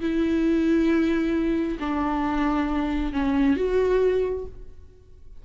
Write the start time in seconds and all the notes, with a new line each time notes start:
0.00 E4
1.79 D4
3.13 C#4
3.56 F#4